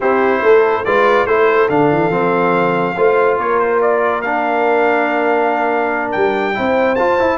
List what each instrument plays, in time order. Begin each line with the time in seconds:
0.00 tuba C4, trombone E4, horn G4, trumpet C5
0.42 tuba A3, horn A4
0.85 tuba G#3, trombone F4, horn B4, trumpet D5
1.26 tuba A3, trombone E4, horn A4, trumpet C5
1.69 tuba D3, trombone D4, trumpet F5
1.91 tuba E3
2.10 tuba F3, trombone C4
2.96 tuba A3, trombone F4, horn C5
3.38 tuba A#3, horn A#4, trumpet C#5
3.59 trumpet C5
3.81 trumpet D5
4.21 trombone D4, trumpet F5
6.11 tuba G3, trumpet G5
6.53 tuba C4, trombone E4, horn C5
6.95 trombone F4, tuba F4, trumpet A5
7.19 trombone E4, tuba E4